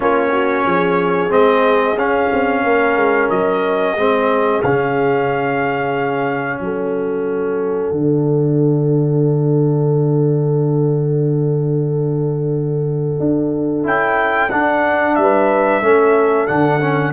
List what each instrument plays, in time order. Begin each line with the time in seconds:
0.00 tuba A#3, trombone C#4, horn F4, trumpet C#5
0.32 horn F#4
0.65 tuba F3, horn G#4
1.29 tuba G#3, trombone C4, trumpet D#5
1.95 tuba C#4, trombone C#4, trumpet F5
2.32 tuba C4
2.63 tuba A#3, horn A#4
2.96 tuba G#3
3.30 tuba F#3, trumpet D#5
3.96 tuba G#3, trombone C4, horn G#4
4.62 tuba C#3, trombone C#4, trumpet F5
6.60 tuba F#3, horn A4, trumpet F#5
7.91 tuba D3, trombone D4
13.19 tuba D4
13.83 tuba C#4, trombone E4, trumpet G5
14.50 trombone D4, tuba D4, trumpet F#5
15.15 tuba G3, horn B4, trumpet E5
15.81 tuba A3, trombone C#4, horn A4
16.47 tuba D3, trombone D4, trumpet F#5
16.80 trombone C#4